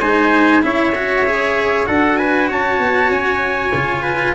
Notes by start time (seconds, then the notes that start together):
0.00 G#3 D#4 C5 G#5
0.62 C#4 E4 C#5 E5
0.95 F#4
1.26 G#4
1.86 D4 F#4 A4 F#5
2.17 B4 G#5
2.48 C#4 C#5 A5
2.79 B3
3.10 C#4 G#5
3.73 C#3 F4
4.02 B4